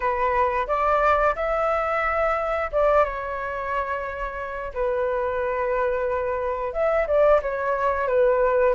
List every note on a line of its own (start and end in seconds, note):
0.00 0.66 B4
0.67 1.34 D5
1.35 2.70 E5
2.72 3.04 D5
3.04 4.73 C#5
4.74 6.73 B4
6.73 7.06 E5
7.07 7.41 D5
7.42 8.07 C#5
8.07 8.75 B4